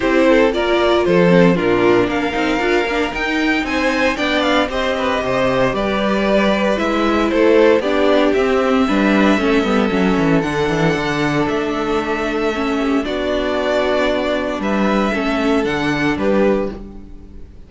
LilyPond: <<
  \new Staff \with { instrumentName = "violin" } { \time 4/4 \tempo 4 = 115 c''4 d''4 c''4 ais'4 | f''2 g''4 gis''4 | g''8 f''8 dis''2 d''4~ | d''4 e''4 c''4 d''4 |
e''1 | fis''2 e''2~ | e''4 d''2. | e''2 fis''4 b'4 | }
  \new Staff \with { instrumentName = "violin" } { \time 4/4 g'8 a'8 ais'4 a'4 f'4 | ais'2. c''4 | d''4 c''8 b'8 c''4 b'4~ | b'2 a'4 g'4~ |
g'4 b'4 a'2~ | a'1~ | a'8 g'8 fis'2. | b'4 a'2 g'4 | }
  \new Staff \with { instrumentName = "viola" } { \time 4/4 e'4 f'4. c'8 d'4~ | d'8 dis'8 f'8 d'8 dis'2 | d'4 g'2.~ | g'4 e'2 d'4 |
c'4 d'4 cis'8 b8 cis'4 | d'1 | cis'4 d'2.~ | d'4 cis'4 d'2 | }
  \new Staff \with { instrumentName = "cello" } { \time 4/4 c'4 ais4 f4 ais,4 | ais8 c'8 d'8 ais8 dis'4 c'4 | b4 c'4 c4 g4~ | g4 gis4 a4 b4 |
c'4 g4 a8 g8 fis8 e8 | d8 e8 d4 a2~ | a4 b2. | g4 a4 d4 g4 | }
>>